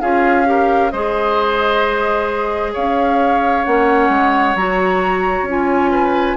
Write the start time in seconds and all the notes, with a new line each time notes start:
0.00 C#4 F4 G#4 F5
0.45 G4 A#4
0.91 G#3 G#4 C5 D#5
2.73 C#4 C#5 F5
3.64 A#3 C#4 F#5
4.09 G#3
4.55 F#3 F#4 A#5
5.42 C#4
5.48 F4 G#5
5.91 B4